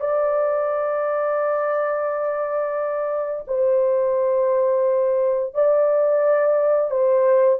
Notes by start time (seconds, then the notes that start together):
0.00 D5
3.47 C5
5.54 D5
6.91 C5